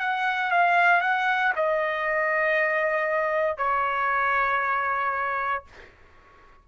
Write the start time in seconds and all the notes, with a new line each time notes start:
0.00 F#5
0.51 F5
1.02 F#5
1.56 D#5
3.58 C#5